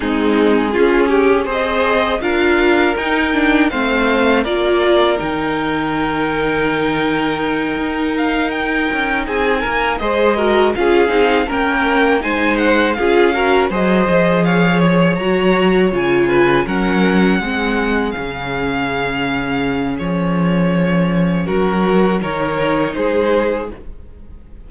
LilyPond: <<
  \new Staff \with { instrumentName = "violin" } { \time 4/4 \tempo 4 = 81 gis'2 dis''4 f''4 | g''4 f''4 d''4 g''4~ | g''2. f''8 g''8~ | g''8 gis''4 dis''4 f''4 g''8~ |
g''8 gis''8 fis''8 f''4 dis''4 f''8 | cis''8 ais''4 gis''4 fis''4.~ | fis''8 f''2~ f''8 cis''4~ | cis''4 ais'4 cis''4 c''4 | }
  \new Staff \with { instrumentName = "violin" } { \time 4/4 dis'4 f'8 g'8 c''4 ais'4~ | ais'4 c''4 ais'2~ | ais'1~ | ais'8 gis'8 ais'8 c''8 ais'8 gis'4 ais'8~ |
ais'8 c''4 gis'8 ais'8 c''4 cis''8~ | cis''2 b'8 ais'4 gis'8~ | gis'1~ | gis'4 fis'4 ais'4 gis'4 | }
  \new Staff \with { instrumentName = "viola" } { \time 4/4 c'4 cis'4 gis'4 f'4 | dis'8 d'8 c'4 f'4 dis'4~ | dis'1~ | dis'4. gis'8 fis'8 f'8 dis'8 cis'8~ |
cis'8 dis'4 f'8 fis'8 gis'4.~ | gis'8 fis'4 f'4 cis'4 c'8~ | c'8 cis'2.~ cis'8~ | cis'2 dis'2 | }
  \new Staff \with { instrumentName = "cello" } { \time 4/4 gis4 cis'4 c'4 d'4 | dis'4 a4 ais4 dis4~ | dis2~ dis8 dis'4. | cis'8 c'8 ais8 gis4 cis'8 c'8 ais8~ |
ais8 gis4 cis'4 fis8 f4~ | f8 fis4 cis4 fis4 gis8~ | gis8 cis2~ cis8 f4~ | f4 fis4 dis4 gis4 | }
>>